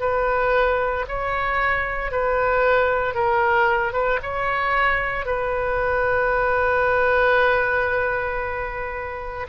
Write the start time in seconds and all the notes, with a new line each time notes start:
0.00 B4
1.08 C#5
2.11 B4
3.14 A#4
3.93 B4
4.22 C#5
5.25 B4